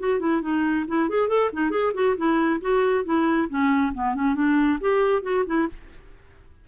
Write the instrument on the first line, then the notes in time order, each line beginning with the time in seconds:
clarinet
0.00 F#4
0.20 E4
0.42 D#4
0.88 E4
1.09 G#4
1.29 A4
1.53 D#4
1.71 G#4
1.94 F#4
2.17 E4
2.61 F#4
3.05 E4
3.50 C#4
3.95 B3
4.15 C#4
4.35 D4
4.81 G4
5.23 F#4
5.47 E4